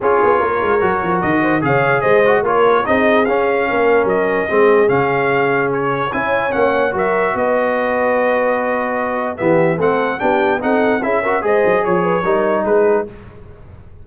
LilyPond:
<<
  \new Staff \with { instrumentName = "trumpet" } { \time 4/4 \tempo 4 = 147 cis''2. dis''4 | f''4 dis''4 cis''4 dis''4 | f''2 dis''2 | f''2 cis''4 gis''4 |
fis''4 e''4 dis''2~ | dis''2. e''4 | fis''4 g''4 fis''4 e''4 | dis''4 cis''2 b'4 | }
  \new Staff \with { instrumentName = "horn" } { \time 4/4 gis'4 ais'2~ ais'8 c''8 | cis''4 c''4 ais'4 gis'4~ | gis'4 ais'2 gis'4~ | gis'2. cis''4~ |
cis''4 ais'4 b'2~ | b'2. g'4 | a'4 g'4 a'4 gis'8 ais'8 | c''4 cis''8 b'8 ais'4 gis'4 | }
  \new Staff \with { instrumentName = "trombone" } { \time 4/4 f'2 fis'2 | gis'4. fis'8 f'4 dis'4 | cis'2. c'4 | cis'2. e'4 |
cis'4 fis'2.~ | fis'2. b4 | c'4 d'4 dis'4 e'8 fis'8 | gis'2 dis'2 | }
  \new Staff \with { instrumentName = "tuba" } { \time 4/4 cis'8 b8 ais8 gis8 fis8 f8 dis4 | cis4 gis4 ais4 c'4 | cis'4 ais4 fis4 gis4 | cis2. cis'4 |
ais4 fis4 b2~ | b2. e4 | a4 b4 c'4 cis'4 | gis8 fis8 f4 g4 gis4 | }
>>